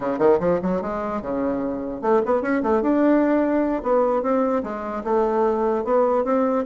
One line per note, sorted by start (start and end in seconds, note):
0.00 0.18 C#3
0.18 0.39 D#3
0.39 0.59 F3
0.62 0.81 F#3
0.81 1.21 G#3
1.21 2.01 C#3
2.01 2.21 A3
2.25 2.42 B3
2.42 2.62 C#4
2.62 2.82 A3
2.82 3.82 D4
3.82 4.22 B3
4.22 4.62 C4
4.63 5.03 G#3
5.04 5.84 A3
5.84 6.24 B3
6.24 6.64 C4